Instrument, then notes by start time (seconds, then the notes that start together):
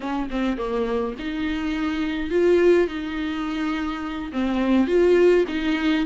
viola
0.00 C#4
0.30 C4
0.57 A#3
1.19 D#4
2.30 F4
2.87 D#4
4.32 C4
4.87 F4
5.48 D#4